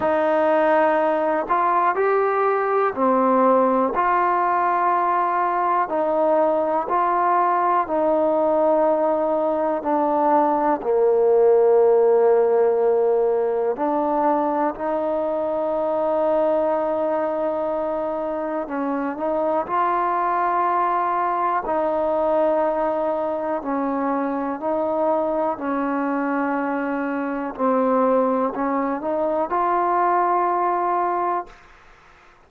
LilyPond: \new Staff \with { instrumentName = "trombone" } { \time 4/4 \tempo 4 = 61 dis'4. f'8 g'4 c'4 | f'2 dis'4 f'4 | dis'2 d'4 ais4~ | ais2 d'4 dis'4~ |
dis'2. cis'8 dis'8 | f'2 dis'2 | cis'4 dis'4 cis'2 | c'4 cis'8 dis'8 f'2 | }